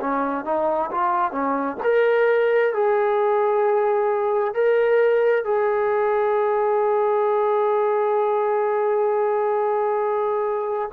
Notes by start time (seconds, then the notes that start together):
0.00 C#4
0.45 D#4
0.91 F4
1.31 C#4
1.83 A#4
2.74 G#4
4.54 A#4
5.44 G#4